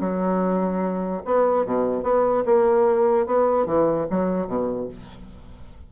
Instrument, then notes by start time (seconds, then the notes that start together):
bassoon
0.00 F#3
1.25 B3
1.65 B2
2.03 B3
2.45 A#3
3.26 B3
3.66 E3
4.10 F#3
4.47 B2